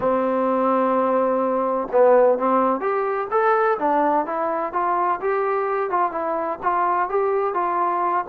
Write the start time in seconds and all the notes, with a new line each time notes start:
0.00 C4
1.92 B3
2.38 C4
2.80 G4
3.30 A4
3.78 D4
4.26 E4
4.72 F4
5.20 G4
5.90 F4
6.11 E4
6.62 F4
7.09 G4
7.54 F4